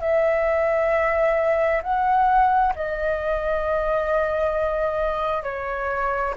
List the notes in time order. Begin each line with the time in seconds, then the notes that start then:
0.00 E5
1.83 F#5
2.76 D#5
5.43 C#5